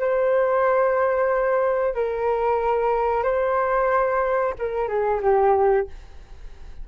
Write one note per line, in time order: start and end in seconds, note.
0.00 1.95 C5
1.95 3.24 A#4
3.24 4.54 C5
4.59 4.89 A#4
4.89 5.21 G#4
5.22 5.88 G4